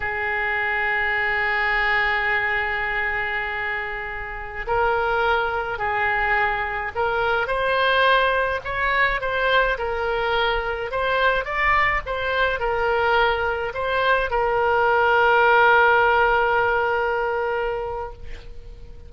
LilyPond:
\new Staff \with { instrumentName = "oboe" } { \time 4/4 \tempo 4 = 106 gis'1~ | gis'1~ | gis'16 ais'2 gis'4.~ gis'16~ | gis'16 ais'4 c''2 cis''8.~ |
cis''16 c''4 ais'2 c''8.~ | c''16 d''4 c''4 ais'4.~ ais'16~ | ais'16 c''4 ais'2~ ais'8.~ | ais'1 | }